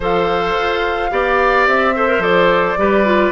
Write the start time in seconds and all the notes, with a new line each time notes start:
0.00 F3 A4 C5 F5
0.58 F4
1.11 B3 G4 D5
1.66 C4 E5
1.95 A4 C5
2.08 A#4
2.18 F3 A4 D5
2.77 G3 G4 B4
3.05 F4